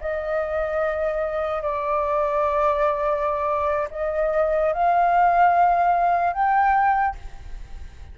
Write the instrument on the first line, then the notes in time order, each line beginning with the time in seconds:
flute
0.00 D#5
1.62 D5
3.90 D#5
4.73 F5
6.33 G5